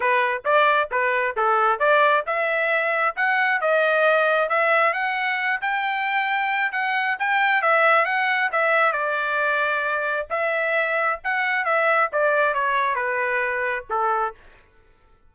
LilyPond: \new Staff \with { instrumentName = "trumpet" } { \time 4/4 \tempo 4 = 134 b'4 d''4 b'4 a'4 | d''4 e''2 fis''4 | dis''2 e''4 fis''4~ | fis''8 g''2~ g''8 fis''4 |
g''4 e''4 fis''4 e''4 | d''2. e''4~ | e''4 fis''4 e''4 d''4 | cis''4 b'2 a'4 | }